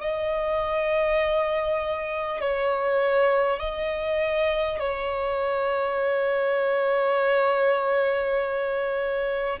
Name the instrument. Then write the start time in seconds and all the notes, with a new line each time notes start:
violin
0.00 D#5
2.41 C#5
3.59 D#5
4.79 C#5